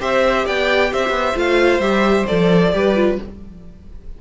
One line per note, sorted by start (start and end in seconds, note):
0.00 0.46 C4
0.00 1.36 G4
0.00 0.46 C5
0.00 0.47 E5
0.46 0.93 B3
0.46 0.91 D5
0.46 0.93 G5
0.92 1.10 C4
0.92 2.74 C5
0.92 1.38 E5
1.10 1.33 B3
1.36 1.80 A3
1.36 1.81 F4
1.36 1.81 F5
1.80 2.25 G3
1.80 2.28 G4
1.80 2.26 E5
2.27 2.73 F3
2.27 2.73 A4
2.27 3.18 D5
2.73 3.19 G3
2.73 2.96 G4
2.73 3.21 B4
2.96 3.19 F4